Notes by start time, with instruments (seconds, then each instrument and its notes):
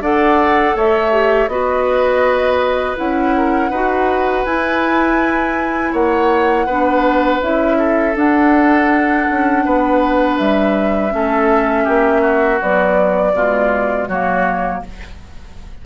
0.00 bassoon D4, clarinet A4, oboe D5, flute F#5
0.75 bassoon A3, oboe C#5, flute E5
1.11 clarinet G4
1.47 bassoon B3, clarinet F#4, oboe B4, flute D#5
2.96 bassoon C#4, clarinet E4, flute F#5
3.37 oboe A#4
3.70 bassoon D#4, clarinet F#4, oboe B4
4.45 bassoon E4, clarinet E4, flute G#5
5.92 bassoon A#3, oboe C#5, flute F#5
6.66 bassoon B3, clarinet D4, oboe B4
7.41 bassoon C#4, clarinet E4, flute E5
7.78 oboe A4
8.15 clarinet D4, bassoon D4, flute F#5
9.30 bassoon C#4
9.65 bassoon B3, oboe B4
10.38 bassoon G3, flute E5
11.10 bassoon A3, clarinet C#4, oboe A4
11.84 bassoon A#3, oboe G4
12.21 oboe F#4
12.61 clarinet F#3, bassoon B3, flute D5
13.33 bassoon B2, clarinet G#3, oboe F4
14.08 bassoon F#3, clarinet A#3, oboe F#4, flute C#5